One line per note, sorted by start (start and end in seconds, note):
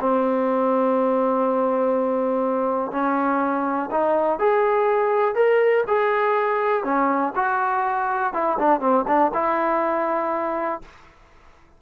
0.00 2.92 C4
2.92 3.90 C#4
3.91 4.39 D#4
4.39 5.35 G#4
5.35 5.84 A#4
5.87 6.84 G#4
6.84 7.33 C#4
7.35 8.33 F#4
8.33 8.58 E4
8.59 8.80 D4
8.80 9.05 C4
9.07 9.32 D4
9.34 10.81 E4